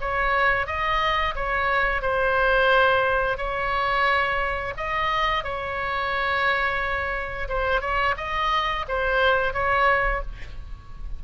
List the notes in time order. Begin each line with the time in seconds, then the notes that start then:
0.00 C#5
0.66 D#5
1.35 C#5
2.01 C5
3.37 C#5
4.77 D#5
5.43 C#5
7.48 C5
7.80 C#5
8.17 D#5
8.88 C5
9.53 C#5